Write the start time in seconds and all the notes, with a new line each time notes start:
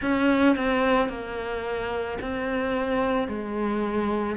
0.01 C#4
0.56 C4
1.09 A#3
2.21 C4
3.28 G#3